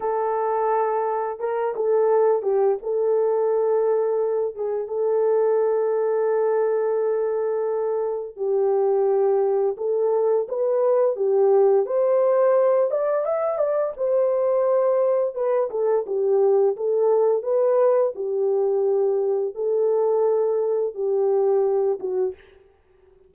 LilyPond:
\new Staff \with { instrumentName = "horn" } { \time 4/4 \tempo 4 = 86 a'2 ais'8 a'4 g'8 | a'2~ a'8 gis'8 a'4~ | a'1 | g'2 a'4 b'4 |
g'4 c''4. d''8 e''8 d''8 | c''2 b'8 a'8 g'4 | a'4 b'4 g'2 | a'2 g'4. fis'8 | }